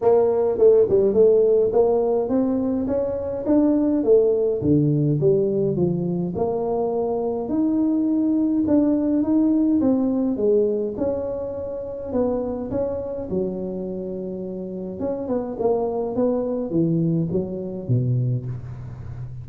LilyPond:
\new Staff \with { instrumentName = "tuba" } { \time 4/4 \tempo 4 = 104 ais4 a8 g8 a4 ais4 | c'4 cis'4 d'4 a4 | d4 g4 f4 ais4~ | ais4 dis'2 d'4 |
dis'4 c'4 gis4 cis'4~ | cis'4 b4 cis'4 fis4~ | fis2 cis'8 b8 ais4 | b4 e4 fis4 b,4 | }